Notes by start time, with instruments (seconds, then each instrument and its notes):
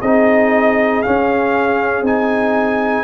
0.00 tuba C4, trombone D#4, horn G#4, trumpet D#5
1.02 trombone C#4, tuba C#4, trumpet F5
2.02 tuba C4, trombone D#4, trumpet G#5